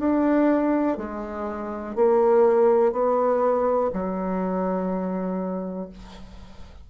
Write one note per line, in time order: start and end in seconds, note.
0.00 0.98 D4
0.98 1.96 G#3
1.96 2.92 A#3
2.92 3.91 B3
3.93 5.90 F#3